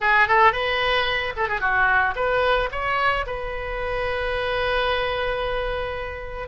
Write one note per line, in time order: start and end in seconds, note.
0.00 0.28 G#4
0.28 0.52 A4
0.52 1.33 B4
1.36 1.48 A4
1.48 1.60 G#4
1.60 2.14 F#4
2.15 2.69 B4
2.71 3.25 C#5
3.26 6.48 B4